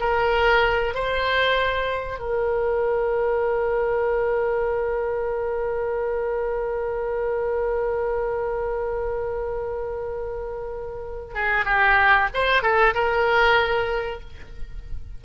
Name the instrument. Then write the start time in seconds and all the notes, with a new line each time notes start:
oboe
0.00 A#4
0.95 C5
2.19 A#4
11.35 G#4
11.66 G4
12.34 C5
12.62 A4
12.94 A#4